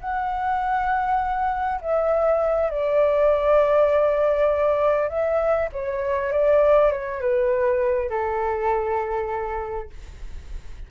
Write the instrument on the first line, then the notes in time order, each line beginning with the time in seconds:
flute
0.00 F#5
1.81 E5
2.69 D5
5.08 E5
5.72 C#5
6.32 D5
6.91 C#5
7.21 B4
8.09 A4